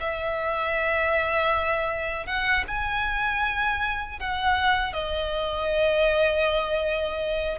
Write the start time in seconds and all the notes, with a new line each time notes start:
0.00 E5
2.27 F#5
2.68 G#5
4.20 F#5
4.93 D#5